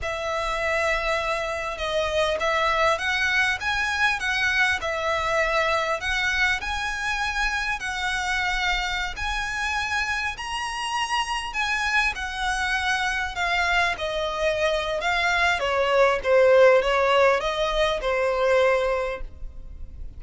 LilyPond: \new Staff \with { instrumentName = "violin" } { \time 4/4 \tempo 4 = 100 e''2. dis''4 | e''4 fis''4 gis''4 fis''4 | e''2 fis''4 gis''4~ | gis''4 fis''2~ fis''16 gis''8.~ |
gis''4~ gis''16 ais''2 gis''8.~ | gis''16 fis''2 f''4 dis''8.~ | dis''4 f''4 cis''4 c''4 | cis''4 dis''4 c''2 | }